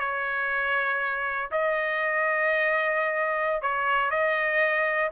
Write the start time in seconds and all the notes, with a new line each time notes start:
0.00 C#5
1.52 D#5
3.62 C#5
4.11 D#5